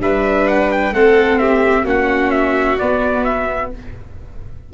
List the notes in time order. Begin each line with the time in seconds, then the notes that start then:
0.00 G3 D4 B4 E5
0.48 F#5
0.72 G5
0.92 A3 C4 A4 F#5
1.39 G4 E5
1.85 A#3 C#4 F#4 F#5
2.31 E5
2.79 B3 D5
3.24 E5